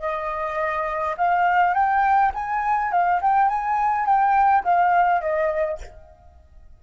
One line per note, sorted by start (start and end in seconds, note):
0.00 1.15 D#5
1.17 1.74 F5
1.74 2.32 G5
2.34 2.92 G#5
2.92 3.21 F5
3.22 3.49 G5
3.49 4.06 G#5
4.06 4.64 G5
4.64 5.21 F5
5.21 5.78 D#5